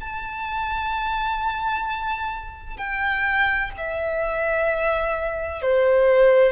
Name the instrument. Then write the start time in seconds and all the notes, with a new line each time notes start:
violin
0.00 A5
2.77 G5
3.77 E5
5.62 C5